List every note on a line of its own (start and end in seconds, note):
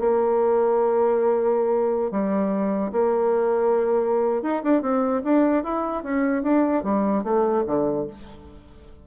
0.00 2.11 A#3
2.11 2.92 G3
2.92 4.43 A#3
4.43 4.63 D#4
4.64 4.82 D4
4.82 5.23 C4
5.25 5.64 D4
5.64 6.04 E4
6.04 6.43 C#4
6.43 6.83 D4
6.84 7.24 G3
7.24 7.64 A3
7.67 8.07 D3